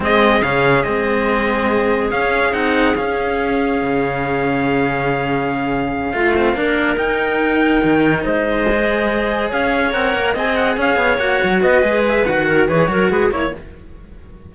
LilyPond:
<<
  \new Staff \with { instrumentName = "trumpet" } { \time 4/4 \tempo 4 = 142 dis''4 f''4 dis''2~ | dis''4 f''4 fis''4 f''4~ | f''1~ | f''1~ |
f''8 g''2. dis''8~ | dis''2~ dis''8 f''4 fis''8~ | fis''8 gis''8 fis''8 f''4 fis''4 dis''8~ | dis''8 e''8 fis''4 cis''4 b'8 cis''8 | }
  \new Staff \with { instrumentName = "clarinet" } { \time 4/4 gis'1~ | gis'1~ | gis'1~ | gis'2~ gis'8 f'4 ais'8~ |
ais'2.~ ais'8 c''8~ | c''2~ c''8 cis''4.~ | cis''8 dis''4 cis''2 b'8~ | b'4. ais'8 b'8 ais'8 gis'8 cis''8 | }
  \new Staff \with { instrumentName = "cello" } { \time 4/4 c'4 cis'4 c'2~ | c'4 cis'4 dis'4 cis'4~ | cis'1~ | cis'2~ cis'8 f'8 c'8 d'8~ |
d'8 dis'2.~ dis'8~ | dis'8 gis'2. ais'8~ | ais'8 gis'2 fis'4. | gis'4 fis'4 gis'8 fis'4 e'8 | }
  \new Staff \with { instrumentName = "cello" } { \time 4/4 gis4 cis4 gis2~ | gis4 cis'4 c'4 cis'4~ | cis'4 cis2.~ | cis2~ cis8 a4 ais8~ |
ais8 dis'2 dis4 gis8~ | gis2~ gis8 cis'4 c'8 | ais8 c'4 cis'8 b8 ais8 fis8 b8 | gis4 dis4 e8 fis8 gis8 ais8 | }
>>